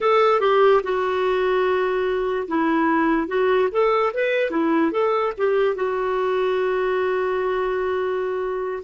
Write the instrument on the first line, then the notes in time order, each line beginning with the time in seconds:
clarinet
0.00 A4
0.40 G4
0.83 F#4
2.48 E4
3.27 F#4
3.71 A4
4.13 B4
4.50 E4
4.91 A4
5.37 G4
5.75 F#4